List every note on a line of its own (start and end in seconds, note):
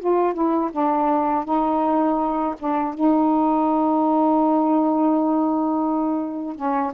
0.00 0.34 F4
0.34 0.71 E4
0.73 1.45 D4
1.45 2.55 D#4
2.59 2.95 D4
2.95 6.56 D#4
6.56 6.92 C#4